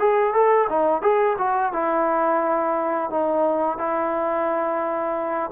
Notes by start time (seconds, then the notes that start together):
0.00 G#4
0.34 A4
0.70 D#4
1.03 G#4
1.39 F#4
1.73 E4
3.11 D#4
3.79 E4